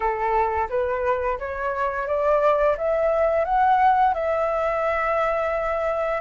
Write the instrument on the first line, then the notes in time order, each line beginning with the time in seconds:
flute
0.00 A4
0.69 B4
1.38 C#5
2.07 D5
2.77 E5
3.45 F#5
4.14 E5